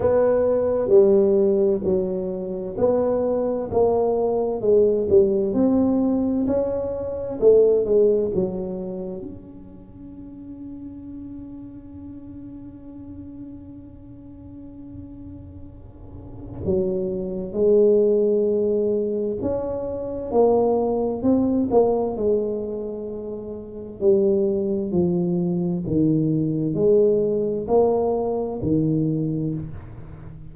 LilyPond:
\new Staff \with { instrumentName = "tuba" } { \time 4/4 \tempo 4 = 65 b4 g4 fis4 b4 | ais4 gis8 g8 c'4 cis'4 | a8 gis8 fis4 cis'2~ | cis'1~ |
cis'2 fis4 gis4~ | gis4 cis'4 ais4 c'8 ais8 | gis2 g4 f4 | dis4 gis4 ais4 dis4 | }